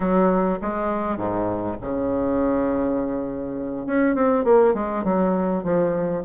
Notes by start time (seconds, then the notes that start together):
0.00 F#3
0.61 G#3
1.17 G#2
1.81 C#3
3.86 C#4
4.15 C4
4.44 A#3
4.74 G#3
5.04 F#3
5.63 F3